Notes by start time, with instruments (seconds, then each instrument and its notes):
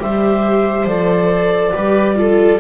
0.00 double bass G3, viola G4 C5, clarinet E5
0.85 double bass F3, viola A4, clarinet D5
1.73 double bass G3, viola G4 B4
2.16 viola F4 A4